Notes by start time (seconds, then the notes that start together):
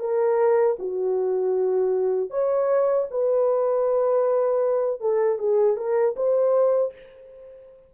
0.00 A#4
0.80 F#4
2.31 C#5
3.11 B4
5.01 A4
5.39 G#4
5.77 A#4
6.16 C5